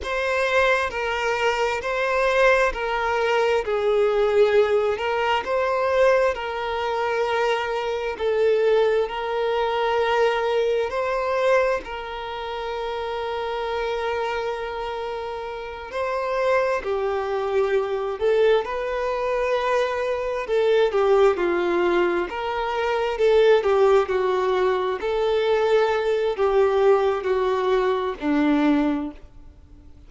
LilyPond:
\new Staff \with { instrumentName = "violin" } { \time 4/4 \tempo 4 = 66 c''4 ais'4 c''4 ais'4 | gis'4. ais'8 c''4 ais'4~ | ais'4 a'4 ais'2 | c''4 ais'2.~ |
ais'4. c''4 g'4. | a'8 b'2 a'8 g'8 f'8~ | f'8 ais'4 a'8 g'8 fis'4 a'8~ | a'4 g'4 fis'4 d'4 | }